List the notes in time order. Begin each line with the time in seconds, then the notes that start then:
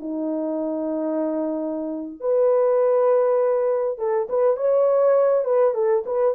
0.00 D#4
2.21 B4
3.98 A4
4.30 B4
4.57 C#5
5.45 B4
5.75 A4
6.06 B4